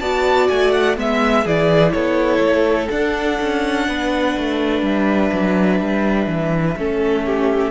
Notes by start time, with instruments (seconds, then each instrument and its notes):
0.00 cello B3, viola F#4, violin D5 A5
0.49 cello A3, violin G#5
0.72 violin F#5
0.97 cello G#3, viola B3, violin E5
1.44 cello E3, viola E4, violin G#4 D5
1.93 cello B3, violin A4 C#5
2.40 cello A3
2.90 viola D4, cello D4, violin F#5
3.41 cello C#4
3.89 cello B3, violin B4
4.37 cello A3
4.82 cello G3, violin E5
5.33 cello F#3
5.81 cello G3
6.27 cello E3
6.77 cello A3, viola C#4, violin A4
7.27 violin G4